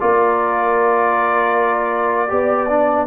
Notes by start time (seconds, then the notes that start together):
0.00 A#3 F4 A#4 D5
2.28 B3 G4 D5
2.69 D4